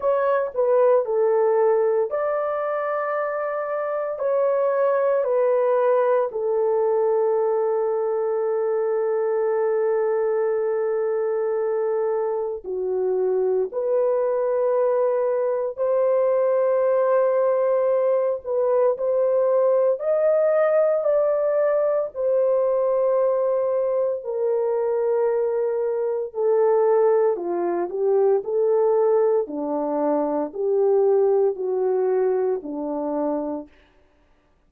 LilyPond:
\new Staff \with { instrumentName = "horn" } { \time 4/4 \tempo 4 = 57 cis''8 b'8 a'4 d''2 | cis''4 b'4 a'2~ | a'1 | fis'4 b'2 c''4~ |
c''4. b'8 c''4 dis''4 | d''4 c''2 ais'4~ | ais'4 a'4 f'8 g'8 a'4 | d'4 g'4 fis'4 d'4 | }